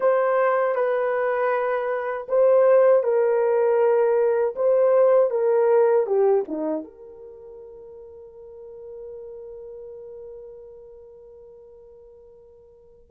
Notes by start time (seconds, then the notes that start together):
0.00 C5
0.75 B4
2.28 C5
3.03 A#4
4.55 C5
5.30 A#4
6.06 G4
6.48 D#4
6.84 A#4